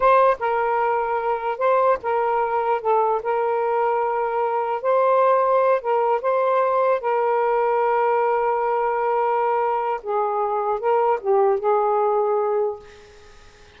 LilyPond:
\new Staff \with { instrumentName = "saxophone" } { \time 4/4 \tempo 4 = 150 c''4 ais'2. | c''4 ais'2 a'4 | ais'1 | c''2~ c''8 ais'4 c''8~ |
c''4. ais'2~ ais'8~ | ais'1~ | ais'4 gis'2 ais'4 | g'4 gis'2. | }